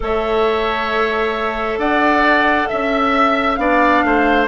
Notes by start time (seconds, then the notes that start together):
0.00 A3 A4 C#5 E5
1.78 D4 D5 F#5
2.67 C#4 E5
3.55 B3 D4 D5 F5
4.03 A3 C5